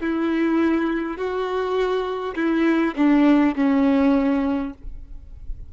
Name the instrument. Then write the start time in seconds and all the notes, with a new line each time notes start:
violin
0.00 E4
1.17 F#4
2.35 E4
2.96 D4
3.55 C#4